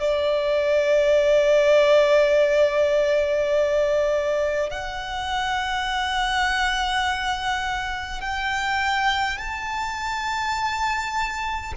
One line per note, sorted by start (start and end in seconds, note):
0.00 4.70 D5
4.70 8.21 F#5
8.21 9.38 G5
9.38 11.73 A5